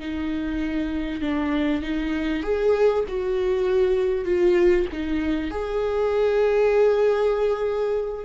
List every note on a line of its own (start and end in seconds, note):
0.00 1.22 D#4
1.22 1.83 D4
1.83 2.44 D#4
2.44 3.05 G#4
3.09 4.26 F#4
4.26 4.87 F4
4.93 5.51 D#4
5.51 8.25 G#4